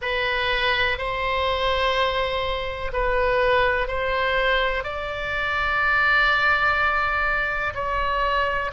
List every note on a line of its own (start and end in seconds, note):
0.01 0.98 B4
0.98 2.91 C5
2.93 3.87 B4
3.87 4.83 C5
4.83 7.73 D5
7.74 8.71 C#5